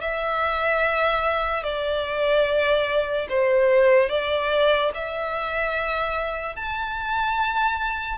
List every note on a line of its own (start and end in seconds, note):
0.00 1.63 E5
1.63 3.27 D5
3.29 4.09 C5
4.09 4.91 D5
4.94 6.55 E5
6.55 8.17 A5